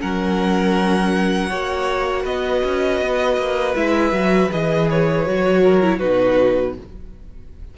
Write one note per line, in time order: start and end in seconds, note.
0.00 1.51 F#3
0.00 1.50 C#4
0.00 1.49 A#4
0.00 2.26 F#5
1.49 2.25 A#3
1.49 3.75 F#4
1.49 2.23 C#5
2.23 2.63 B3
2.23 5.60 B4
2.23 3.76 D#5
2.64 3.01 C#4
3.01 3.37 B3
3.37 3.75 A#3
3.75 4.12 G#3
3.75 4.13 E4
3.75 4.51 E5
4.12 4.49 F#3
4.12 4.50 F#4
4.52 5.27 E3
4.52 5.26 G#4
4.52 4.89 D#5
4.90 5.99 C#5
5.26 6.02 F#3
5.26 5.82 F#4
5.62 5.98 A#4
5.82 6.00 E4
5.98 6.78 B2
5.98 6.75 D#4
5.98 6.73 F#4
5.98 6.74 B4